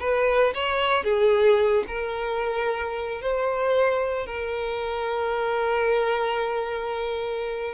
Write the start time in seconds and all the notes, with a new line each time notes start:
0.00 B4
0.54 C#5
1.04 G#4
1.87 A#4
3.22 C5
4.26 A#4